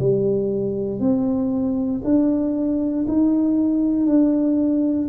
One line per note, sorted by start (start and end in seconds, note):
0.00 1.00 G3
1.00 2.02 C4
2.05 3.06 D4
3.08 4.07 D#4
4.07 5.08 D4